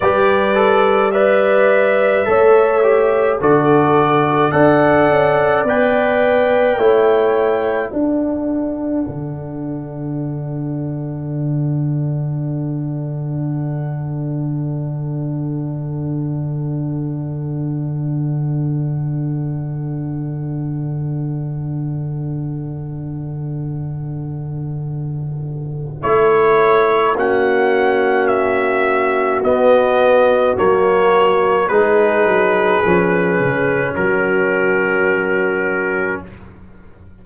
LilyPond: <<
  \new Staff \with { instrumentName = "trumpet" } { \time 4/4 \tempo 4 = 53 d''4 e''2 d''4 | fis''4 g''2 fis''4~ | fis''1~ | fis''1~ |
fis''1~ | fis''2. cis''4 | fis''4 e''4 dis''4 cis''4 | b'2 ais'2 | }
  \new Staff \with { instrumentName = "horn" } { \time 4/4 b'4 d''4 cis''4 a'4 | d''2 cis''4 a'4~ | a'1~ | a'1~ |
a'1~ | a'1 | fis'1 | gis'2 fis'2 | }
  \new Staff \with { instrumentName = "trombone" } { \time 4/4 g'8 a'8 b'4 a'8 g'8 fis'4 | a'4 b'4 e'4 d'4~ | d'1~ | d'1~ |
d'1~ | d'2. e'4 | cis'2 b4 ais4 | dis'4 cis'2. | }
  \new Staff \with { instrumentName = "tuba" } { \time 4/4 g2 a4 d4 | d'8 cis'8 b4 a4 d'4 | d1~ | d1~ |
d1~ | d2. a4 | ais2 b4 fis4 | gis8 fis8 f8 cis8 fis2 | }
>>